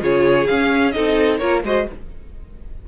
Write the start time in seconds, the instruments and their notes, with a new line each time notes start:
0.00 cello C#3, viola F4, violin G#4 C#5
0.47 viola C#4, cello C#4, violin F5
0.91 cello C4, viola D#4, violin A4 D#5
1.38 cello A#3, viola F4, violin A#4 C#5
1.63 cello G#3, viola F#4, violin C5 D#5